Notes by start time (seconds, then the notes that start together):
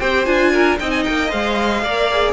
0.00 C4 G4 C5 G5
0.26 D4 F4 G#5
0.53 A#4
0.79 C4 D#4 D#5 G5
0.90 G#5
1.04 A#3 G5
1.28 G#3 C5 F5
1.83 A#3 A#4 D5
2.12 G#4